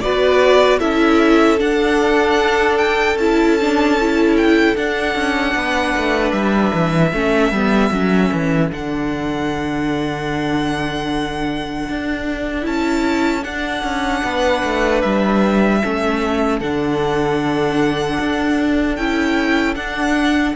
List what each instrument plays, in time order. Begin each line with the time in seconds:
0.00 cello B3, viola F#4, violin B4 D5
0.79 cello C#4, viola E4, violin A4 E5
1.58 viola D4, cello D4, violin F#5
2.78 violin G5
3.16 cello C#4, viola E4, violin A5
3.60 viola D4
4.00 viola E4
4.37 violin G5
4.76 viola D4, cello D4, violin F#5
5.15 cello C#4
5.55 cello B3, violin B4
5.97 cello A3
6.31 cello G3, violin E5
6.74 cello E3
7.12 cello A3, viola C#4, violin A4
7.51 cello G3, viola B3
7.91 cello F#3, viola C#4
8.32 cello E3
8.71 cello D3, viola D4, violin F#5
11.89 cello D4
12.62 cello C#4, viola E4, violin A5
13.44 viola D4, cello D4, violin F#5
13.83 cello C#4
14.23 cello B3, violin B4
14.63 cello A3
15.01 cello G3, violin E5
15.81 cello A3, viola C#4, violin A4
16.60 cello D3, viola D4, violin F#5
18.20 cello D4
18.96 cello C#4, viola E4, violin G5
19.75 viola D4, cello D4, violin F#5